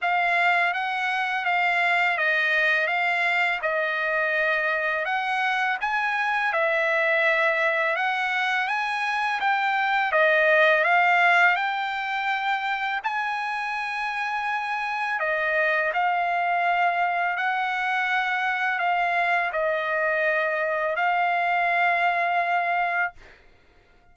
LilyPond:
\new Staff \with { instrumentName = "trumpet" } { \time 4/4 \tempo 4 = 83 f''4 fis''4 f''4 dis''4 | f''4 dis''2 fis''4 | gis''4 e''2 fis''4 | gis''4 g''4 dis''4 f''4 |
g''2 gis''2~ | gis''4 dis''4 f''2 | fis''2 f''4 dis''4~ | dis''4 f''2. | }